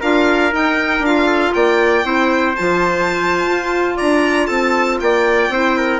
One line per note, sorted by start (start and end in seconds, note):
0.00 0.52 D4
0.00 0.51 F4
0.00 1.26 A#4
0.00 0.53 F5
0.51 1.02 D#4
0.51 0.99 D#4
0.51 1.05 G5
0.99 1.50 D4
0.99 1.53 F5
1.05 2.03 F4
1.26 1.51 A4
1.53 2.04 A#3
1.53 2.05 D5
1.53 2.55 G5
2.03 2.55 C4
2.03 2.54 E4
2.03 3.96 C5
2.55 3.46 F3
2.55 5.52 F4
2.55 3.96 A5
3.46 3.97 F4
3.96 4.49 D4
3.96 4.47 D5
3.96 4.46 A#5
4.46 5.00 C4
4.46 4.99 A4
4.46 4.97 A5
5.00 5.49 A#3
5.00 5.53 D5
5.00 6.00 G5
5.49 6.00 C4
5.49 6.00 E4
5.49 5.77 C5
5.77 6.00 A#4